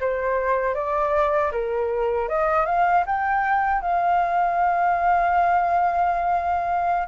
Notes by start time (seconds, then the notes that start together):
0.00 C5
0.74 D5
1.52 A#4
2.29 D#5
2.66 F5
3.06 G5
3.81 F5